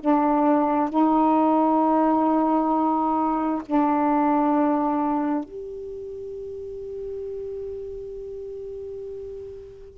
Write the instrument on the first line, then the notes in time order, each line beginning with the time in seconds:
saxophone
0.00 D4
0.90 D#4
3.67 D4
5.45 G4